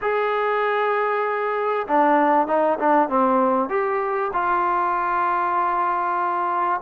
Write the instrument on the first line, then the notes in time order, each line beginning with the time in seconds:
trombone
0.01 G#4
1.87 D4
2.47 D#4
2.79 D4
3.08 C4
3.69 G4
4.33 F4